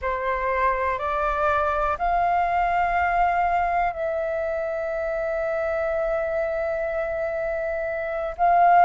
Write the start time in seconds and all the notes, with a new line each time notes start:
0.01 C5
0.98 D5
1.98 F5
3.93 E5
8.37 F5